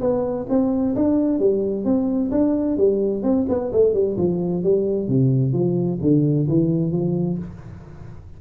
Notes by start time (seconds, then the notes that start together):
0.00 B3
0.49 C4
0.95 D4
1.39 G3
1.85 C4
2.31 D4
2.77 G3
3.23 C4
3.48 B3
3.72 A3
3.93 G3
4.17 F3
4.63 G3
5.08 C3
5.52 F3
6.01 D3
6.48 E3
6.92 F3